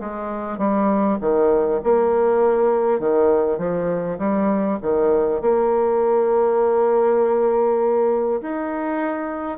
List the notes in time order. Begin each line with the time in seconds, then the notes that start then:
0.00 G#3
0.58 G3
1.21 D#3
1.83 A#3
2.99 D#3
3.58 F3
4.18 G3
4.82 D#3
5.41 A#3
8.42 D#4